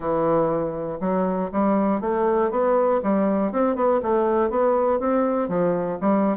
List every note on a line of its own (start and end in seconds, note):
0.00 0.99 E3
1.00 1.50 F#3
1.52 2.00 G3
2.00 2.50 A3
2.50 3.00 B3
3.02 3.52 G3
3.52 3.75 C4
3.75 4.00 B3
4.02 4.50 A3
4.50 4.99 B3
4.99 5.48 C4
5.48 5.98 F3
6.00 6.37 G3